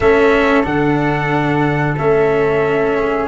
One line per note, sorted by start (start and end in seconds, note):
0.00 0.65 A3
0.00 0.63 C#4
0.00 2.97 A4
0.00 0.64 E5
0.63 1.97 D3
0.63 1.95 D4
0.63 1.97 F#5
1.98 3.27 A3
1.98 3.27 C#4
1.98 3.27 E5
2.97 3.27 G#4